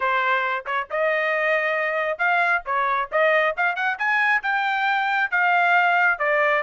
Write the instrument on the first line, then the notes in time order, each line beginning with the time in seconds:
trumpet
0.00 C5
0.66 C#5
0.90 D#5
2.18 F5
2.65 C#5
3.11 D#5
3.57 F5
3.75 F#5
3.98 G#5
4.42 G5
5.30 F5
6.18 D5